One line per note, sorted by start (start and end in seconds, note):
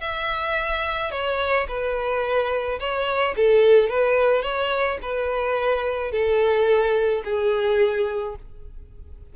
0.00 1.11 E5
1.11 1.66 C#5
1.68 2.79 B4
2.79 3.35 C#5
3.36 3.89 A4
3.89 4.42 B4
4.42 4.98 C#5
5.02 6.11 B4
6.11 7.22 A4
7.24 8.35 G#4